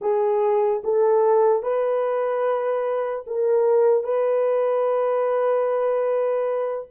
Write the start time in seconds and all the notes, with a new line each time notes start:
0.01 G#4
0.84 A4
1.62 B4
3.27 A#4
4.03 B4